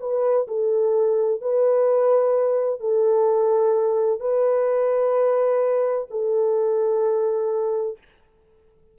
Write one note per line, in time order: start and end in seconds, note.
0.00 0.47 B4
0.48 1.41 A4
1.41 2.80 B4
2.80 4.20 A4
4.20 6.08 B4
6.11 7.98 A4